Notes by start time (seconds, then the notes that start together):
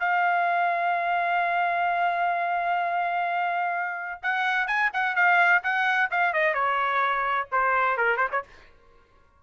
0.00 F5
4.23 F#5
4.67 G#5
4.94 F#5
5.16 F5
5.64 F#5
6.11 F5
6.34 D#5
6.55 C#5
7.52 C5
7.98 A#4
8.17 C5
8.32 C#5